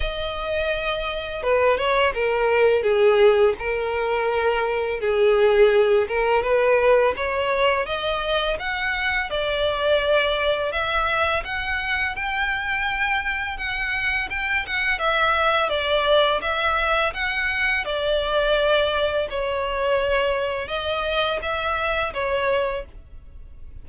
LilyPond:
\new Staff \with { instrumentName = "violin" } { \time 4/4 \tempo 4 = 84 dis''2 b'8 cis''8 ais'4 | gis'4 ais'2 gis'4~ | gis'8 ais'8 b'4 cis''4 dis''4 | fis''4 d''2 e''4 |
fis''4 g''2 fis''4 | g''8 fis''8 e''4 d''4 e''4 | fis''4 d''2 cis''4~ | cis''4 dis''4 e''4 cis''4 | }